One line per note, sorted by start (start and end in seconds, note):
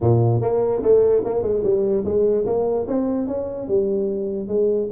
0.00 0.41 A#2
0.41 0.82 A#3
0.82 1.23 A3
1.24 1.42 A#3
1.42 1.62 G#3
1.63 2.04 G3
2.04 2.45 G#3
2.46 2.86 A#3
2.87 3.27 C4
3.27 3.67 C#4
3.67 4.47 G3
4.47 4.88 G#3